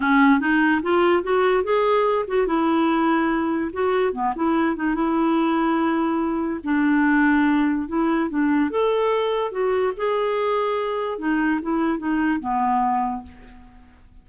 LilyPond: \new Staff \with { instrumentName = "clarinet" } { \time 4/4 \tempo 4 = 145 cis'4 dis'4 f'4 fis'4 | gis'4. fis'8 e'2~ | e'4 fis'4 b8 e'4 dis'8 | e'1 |
d'2. e'4 | d'4 a'2 fis'4 | gis'2. dis'4 | e'4 dis'4 b2 | }